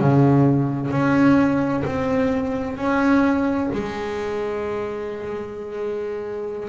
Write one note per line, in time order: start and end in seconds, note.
0.00 0.91 C#3
0.91 1.83 C#4
1.85 2.77 C4
2.77 3.69 C#4
3.73 6.69 G#3